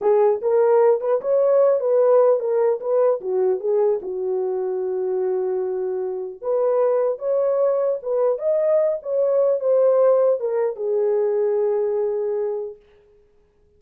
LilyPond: \new Staff \with { instrumentName = "horn" } { \time 4/4 \tempo 4 = 150 gis'4 ais'4. b'8 cis''4~ | cis''8 b'4. ais'4 b'4 | fis'4 gis'4 fis'2~ | fis'1 |
b'2 cis''2 | b'4 dis''4. cis''4. | c''2 ais'4 gis'4~ | gis'1 | }